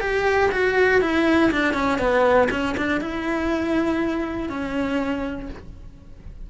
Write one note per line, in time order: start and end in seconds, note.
0.00 0.50 G4
0.51 1.01 F#4
1.01 1.51 E4
1.51 1.73 D4
1.73 1.98 C#4
1.98 2.48 B3
2.50 2.75 C#4
2.77 3.00 D4
3.00 4.49 E4
4.49 5.49 C#4